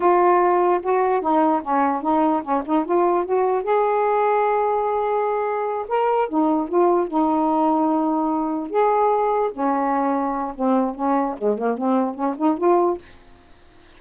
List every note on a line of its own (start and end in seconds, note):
0.00 0.81 F4
0.82 1.21 F#4
1.21 1.61 D#4
1.62 2.02 C#4
2.02 2.42 D#4
2.42 2.63 C#4
2.65 2.85 D#4
2.85 3.25 F4
3.25 3.63 F#4
3.63 5.86 G#4
5.88 6.28 A#4
6.28 6.68 D#4
6.68 7.07 F4
7.07 8.69 D#4
8.70 9.51 G#4
9.52 10.54 C#4
10.55 10.95 C4
10.95 11.35 C#4
11.37 11.58 G#3
11.58 11.77 A#3
11.77 12.14 C4
12.14 12.34 C#4
12.37 12.57 D#4
12.57 12.97 F4